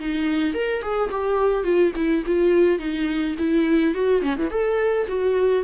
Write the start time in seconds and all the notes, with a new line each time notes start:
0.00 D#4
0.54 A#4
0.82 G#4
1.11 G4
1.64 F4
1.96 E4
2.27 F4
2.79 D#4
3.39 E4
3.95 F#4
4.22 C#4
4.38 E3
4.51 A4
5.08 F#4